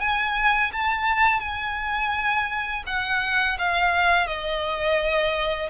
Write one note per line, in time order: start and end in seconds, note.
0.00 0.71 G#5
0.72 1.40 A5
1.40 2.83 G#5
2.86 3.58 F#5
3.59 4.27 F5
4.27 5.70 D#5